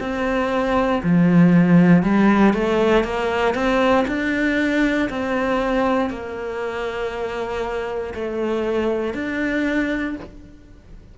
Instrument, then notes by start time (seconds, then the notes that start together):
cello
0.00 C4
1.03 F3
2.03 G3
2.53 A3
3.04 A#3
3.54 C4
4.07 D4
5.09 C4
6.10 A#3
8.14 A3
9.14 D4